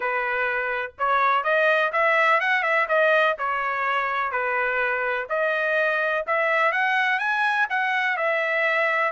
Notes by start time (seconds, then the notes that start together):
0.00 B4
0.98 C#5
1.43 D#5
1.92 E5
2.40 F#5
2.62 E5
2.88 D#5
3.38 C#5
4.31 B4
5.29 D#5
6.26 E5
6.72 F#5
7.19 G#5
7.69 F#5
8.16 E5